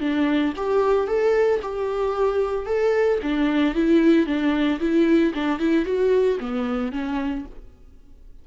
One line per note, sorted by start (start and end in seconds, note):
0.00 0.53 D4
0.56 1.07 G4
1.07 1.60 A4
1.62 2.66 G4
2.66 3.19 A4
3.22 3.75 D4
3.75 4.26 E4
4.26 4.79 D4
4.80 5.33 E4
5.34 5.59 D4
5.59 5.85 E4
5.85 6.38 F#4
6.40 6.92 B3
6.92 7.45 C#4